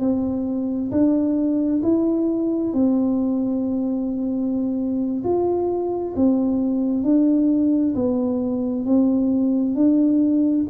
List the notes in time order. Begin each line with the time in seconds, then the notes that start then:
0.00 C4
0.91 D4
1.83 E4
2.73 C4
5.24 F4
6.16 C4
7.03 D4
7.95 B3
8.85 C4
9.75 D4